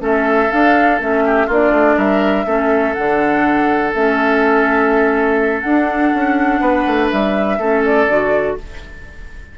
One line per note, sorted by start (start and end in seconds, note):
0.00 0.50 A3
0.00 0.49 C#4
0.00 1.24 A4
0.00 0.51 E5
0.51 1.01 D4
0.51 1.00 D4
0.51 1.00 F5
1.00 1.49 A3
1.00 1.49 C#4
1.00 1.50 E5
1.26 1.47 G4
1.47 1.71 A#3
1.47 2.47 D4
1.47 1.96 F4
1.47 1.99 D5
1.71 1.96 A3
1.97 2.46 G3
1.97 2.46 A#4
1.97 2.94 E5
2.46 2.95 A3
2.46 2.95 C#4
2.46 6.61 A4
2.94 3.95 D3
2.94 3.94 D4
2.94 3.92 F#5
3.94 5.64 A3
3.94 5.64 C#4
3.94 5.61 E5
5.61 6.13 D4
5.61 7.60 D4
5.61 7.07 F#5
6.14 6.61 C#4
6.61 6.85 B3
6.61 7.59 B4
6.87 7.11 A3
7.11 7.59 G3
7.11 7.85 E5
7.59 8.08 A3
7.59 8.09 C#4
7.59 8.57 A4
7.85 8.59 D5
8.08 8.57 D3
8.08 8.58 F#4